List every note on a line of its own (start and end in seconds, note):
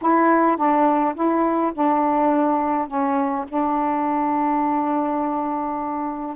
0.01 0.56 E4
0.56 1.14 D4
1.14 1.72 E4
1.74 2.87 D4
2.87 3.45 C#4
3.48 6.36 D4